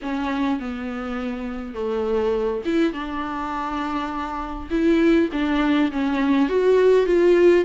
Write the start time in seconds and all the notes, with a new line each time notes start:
0.02 C#4
0.59 B3
1.74 A3
2.65 E4
2.93 D4
4.70 E4
5.32 D4
5.91 C#4
6.49 F#4
7.06 F4